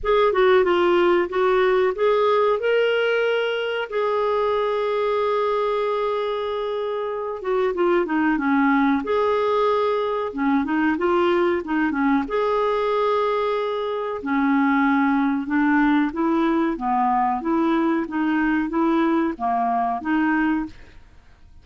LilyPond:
\new Staff \with { instrumentName = "clarinet" } { \time 4/4 \tempo 4 = 93 gis'8 fis'8 f'4 fis'4 gis'4 | ais'2 gis'2~ | gis'2.~ gis'8 fis'8 | f'8 dis'8 cis'4 gis'2 |
cis'8 dis'8 f'4 dis'8 cis'8 gis'4~ | gis'2 cis'2 | d'4 e'4 b4 e'4 | dis'4 e'4 ais4 dis'4 | }